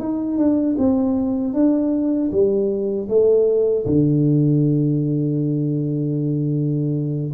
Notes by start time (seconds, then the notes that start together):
0.00 D#4
0.38 D4
0.78 C4
1.54 D4
2.32 G3
3.09 A3
3.86 D3